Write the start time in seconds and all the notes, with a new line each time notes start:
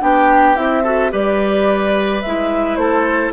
0.00 B3 D4 G4 G5
0.55 C4 E4 E5
0.84 F#4 A4
1.11 G3 G4 B4 D5
2.21 G#3 E4 E5
2.76 A3 A4 C5